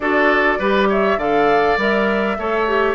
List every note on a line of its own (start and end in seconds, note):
0.00 0.57 D4
0.00 0.60 F#4
0.00 0.58 A4
0.00 0.89 D5
0.58 1.16 G3
0.58 1.19 G4
0.58 0.88 B4
0.89 1.18 C#5
0.89 1.19 E5
1.16 1.76 D3
1.16 1.78 A4
1.16 2.37 D5
1.16 1.78 F5
1.77 2.36 G3
1.77 2.37 A#4
1.77 2.94 E5
2.38 2.94 A3
2.38 2.67 A4
2.38 2.94 C#5
2.67 2.94 G4